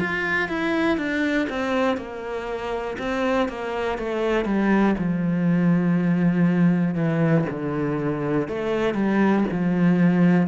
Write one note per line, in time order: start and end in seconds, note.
0.00 0.49 F4
0.49 0.97 E4
0.97 1.47 D4
1.50 1.97 C4
1.97 2.97 A#3
2.98 3.48 C4
3.49 3.98 A#3
3.98 4.45 A3
4.45 4.95 G3
4.98 6.95 F3
6.95 7.45 E3
7.50 8.48 D3
8.48 8.94 A3
8.94 9.44 G3
9.51 10.47 F3